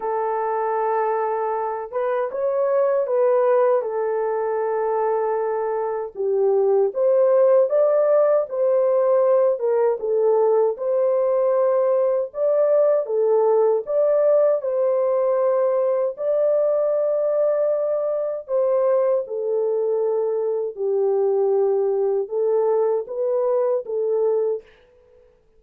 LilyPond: \new Staff \with { instrumentName = "horn" } { \time 4/4 \tempo 4 = 78 a'2~ a'8 b'8 cis''4 | b'4 a'2. | g'4 c''4 d''4 c''4~ | c''8 ais'8 a'4 c''2 |
d''4 a'4 d''4 c''4~ | c''4 d''2. | c''4 a'2 g'4~ | g'4 a'4 b'4 a'4 | }